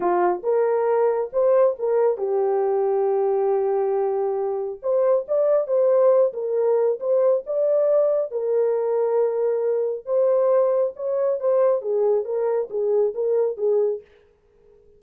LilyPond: \new Staff \with { instrumentName = "horn" } { \time 4/4 \tempo 4 = 137 f'4 ais'2 c''4 | ais'4 g'2.~ | g'2. c''4 | d''4 c''4. ais'4. |
c''4 d''2 ais'4~ | ais'2. c''4~ | c''4 cis''4 c''4 gis'4 | ais'4 gis'4 ais'4 gis'4 | }